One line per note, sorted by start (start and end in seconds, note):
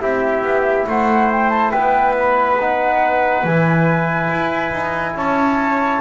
0.00 0.42 C4
0.00 2.57 E4
0.00 0.88 G4
0.00 0.87 E5
0.42 0.85 B3
0.87 1.72 A3
0.87 1.71 C5
0.87 1.32 F#5
1.32 1.50 G5
1.50 1.71 A5
1.71 3.44 B3
1.71 5.14 B4
1.71 2.14 G5
2.19 2.61 B5
2.60 3.46 D#4
2.60 3.46 F#5
3.44 4.30 E3
3.44 6.01 E4
3.44 5.17 G#5
4.31 4.72 E4
4.72 5.15 D#4
5.15 6.01 C#4
5.15 6.01 C#5
5.15 6.01 A5